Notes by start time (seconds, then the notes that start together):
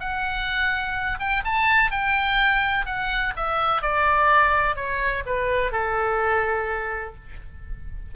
0.00 F#5
1.20 G5
1.45 A5
1.91 G5
2.86 F#5
3.36 E5
3.82 D5
4.76 C#5
5.26 B4
5.72 A4